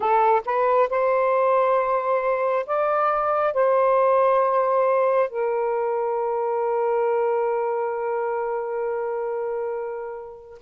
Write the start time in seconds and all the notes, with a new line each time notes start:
0.00 A4
0.45 B4
0.89 C5
2.66 D5
3.53 C5
5.29 A#4